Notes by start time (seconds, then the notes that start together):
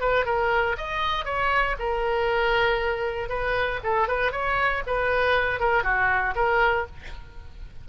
0.00 B4
0.25 A#4
0.77 D#5
1.25 C#5
1.79 A#4
3.29 B4
3.83 A4
4.07 B4
4.31 C#5
4.87 B4
5.59 A#4
5.83 F#4
6.35 A#4